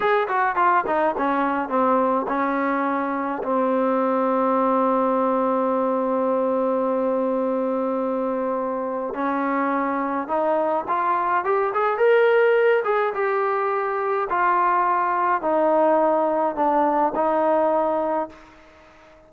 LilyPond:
\new Staff \with { instrumentName = "trombone" } { \time 4/4 \tempo 4 = 105 gis'8 fis'8 f'8 dis'8 cis'4 c'4 | cis'2 c'2~ | c'1~ | c'1 |
cis'2 dis'4 f'4 | g'8 gis'8 ais'4. gis'8 g'4~ | g'4 f'2 dis'4~ | dis'4 d'4 dis'2 | }